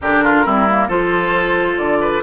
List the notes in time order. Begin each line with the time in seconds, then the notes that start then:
0.01 D3 D4 G4 A#4
0.23 F4
0.45 G3 C4 E4
0.69 A#3
0.87 F3 F4 A4 C5
1.77 D3 D5
2.00 B4